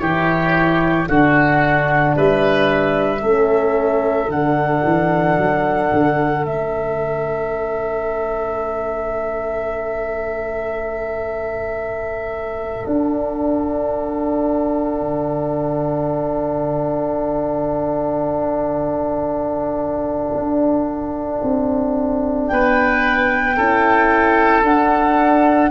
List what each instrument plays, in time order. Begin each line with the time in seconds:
0.00 tuba E3, horn E4, oboe G4, flute C#5
1.07 tuba D3, horn D4, oboe F#4, flute F#5
2.17 tuba G3, oboe B4, flute E5
3.22 tuba A3, horn C#4, oboe A4
4.29 tuba D3, horn D4, flute F#5
4.85 tuba E3
5.38 tuba F#3
5.93 tuba D3
6.45 tuba A3, horn C#4, flute E5
12.86 horn D4, tuba D4, flute F#5
15.01 tuba D3
20.35 tuba D4
21.44 tuba C4
22.48 tuba B3, oboe B4, flute G5
23.57 tuba C#4, horn E4, oboe A4
24.64 tuba D4, horn D4, flute F#5